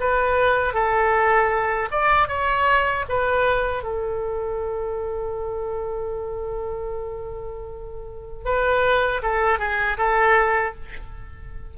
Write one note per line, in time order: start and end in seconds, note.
0.00 0.73 B4
0.73 1.89 A4
1.91 2.28 D5
2.28 3.05 C#5
3.09 3.83 B4
3.83 8.45 A4
8.45 9.22 B4
9.22 9.59 A4
9.59 9.97 G#4
9.97 10.74 A4